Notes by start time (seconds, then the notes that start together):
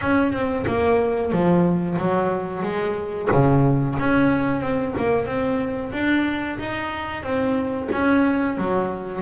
0.01 C#4
0.32 C4
0.66 A#3
1.32 F3
1.98 F#3
2.62 G#3
3.31 C#3
3.99 C#4
4.61 C4
4.98 A#3
5.26 C4
5.92 D4
6.58 D#4
7.23 C4
7.92 C#4
8.57 F#3